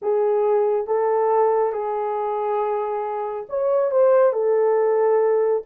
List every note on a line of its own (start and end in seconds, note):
0.02 0.86 G#4
0.86 1.72 A4
1.72 3.46 G#4
3.49 3.91 C#5
3.91 4.33 C5
4.33 5.63 A4